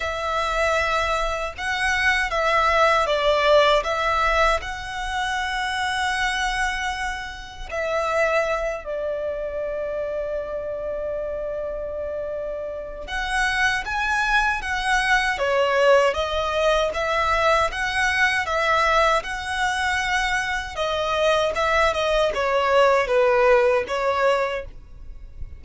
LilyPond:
\new Staff \with { instrumentName = "violin" } { \time 4/4 \tempo 4 = 78 e''2 fis''4 e''4 | d''4 e''4 fis''2~ | fis''2 e''4. d''8~ | d''1~ |
d''4 fis''4 gis''4 fis''4 | cis''4 dis''4 e''4 fis''4 | e''4 fis''2 dis''4 | e''8 dis''8 cis''4 b'4 cis''4 | }